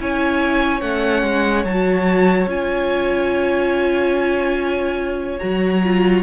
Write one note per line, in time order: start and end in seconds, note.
0.00 0.81 C#4
0.00 0.81 E4
0.00 6.24 C#5
0.00 0.81 G#5
0.81 1.23 A3
0.81 1.65 C#4
0.81 1.64 F#5
1.23 1.65 G#3
1.65 2.47 F#3
1.65 2.49 F#4
1.65 2.49 A5
2.47 5.39 C#4
2.47 5.40 F4
2.47 5.39 G#5
5.39 6.24 F#3
5.39 5.83 F#4
5.39 6.22 A#5
5.84 6.24 F4